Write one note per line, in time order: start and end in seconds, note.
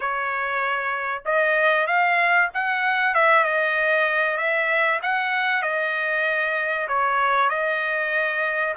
0.00 1.22 C#5
1.25 1.86 D#5
1.86 2.49 F5
2.53 3.14 F#5
3.14 3.43 E5
3.43 4.37 D#5
4.37 4.99 E5
5.02 5.62 F#5
5.62 6.87 D#5
6.88 7.49 C#5
7.49 8.74 D#5